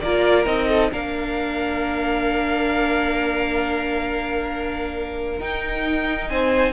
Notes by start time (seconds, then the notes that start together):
0.00 A#3 F4 A#4 D5
0.45 C4 D#4 D#5
0.68 A4
0.92 A#3 D4 A#4 F5
5.39 D#4 G5
6.29 C4 C5 G#5